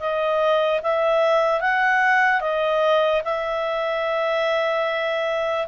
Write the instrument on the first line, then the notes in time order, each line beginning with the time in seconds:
clarinet
0.00 D#5
0.83 E5
1.61 F#5
2.41 D#5
3.25 E5